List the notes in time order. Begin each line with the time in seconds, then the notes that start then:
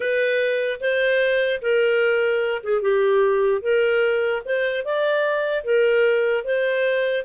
0.00 B4
0.80 C5
1.61 A#4
2.63 G#4
2.81 G4
3.61 A#4
4.45 C5
4.84 D5
5.64 A#4
6.44 C5